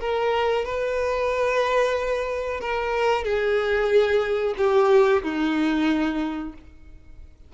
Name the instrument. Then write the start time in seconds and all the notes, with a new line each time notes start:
violin
0.00 A#4
0.65 B4
2.60 A#4
3.24 G#4
4.57 G4
5.23 D#4